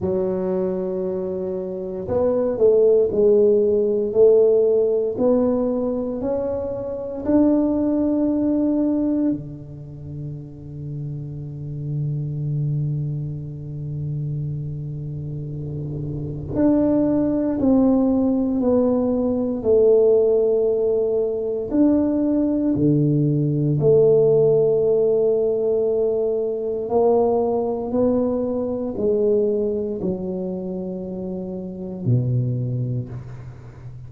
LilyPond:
\new Staff \with { instrumentName = "tuba" } { \time 4/4 \tempo 4 = 58 fis2 b8 a8 gis4 | a4 b4 cis'4 d'4~ | d'4 d2.~ | d1 |
d'4 c'4 b4 a4~ | a4 d'4 d4 a4~ | a2 ais4 b4 | gis4 fis2 b,4 | }